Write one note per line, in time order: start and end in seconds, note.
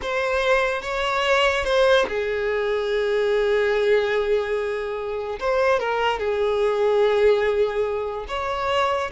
0.02 0.82 C5
0.82 1.64 C#5
1.64 2.05 C5
2.08 5.39 G#4
5.39 5.79 C5
5.79 6.19 A#4
6.19 8.26 G#4
8.28 9.10 C#5